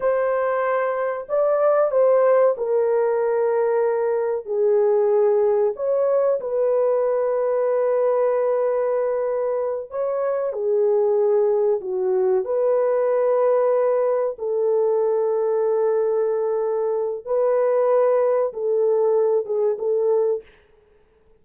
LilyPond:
\new Staff \with { instrumentName = "horn" } { \time 4/4 \tempo 4 = 94 c''2 d''4 c''4 | ais'2. gis'4~ | gis'4 cis''4 b'2~ | b'2.~ b'8 cis''8~ |
cis''8 gis'2 fis'4 b'8~ | b'2~ b'8 a'4.~ | a'2. b'4~ | b'4 a'4. gis'8 a'4 | }